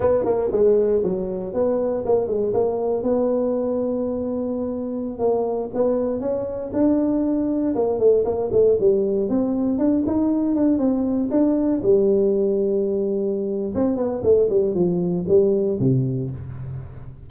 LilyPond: \new Staff \with { instrumentName = "tuba" } { \time 4/4 \tempo 4 = 118 b8 ais8 gis4 fis4 b4 | ais8 gis8 ais4 b2~ | b2~ b16 ais4 b8.~ | b16 cis'4 d'2 ais8 a16~ |
a16 ais8 a8 g4 c'4 d'8 dis'16~ | dis'8. d'8 c'4 d'4 g8.~ | g2. c'8 b8 | a8 g8 f4 g4 c4 | }